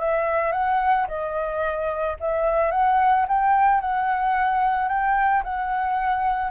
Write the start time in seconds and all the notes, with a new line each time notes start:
0.00 E5
0.52 F#5
1.08 D#5
2.20 E5
2.71 F#5
3.28 G5
3.81 F#5
4.89 G5
5.44 F#5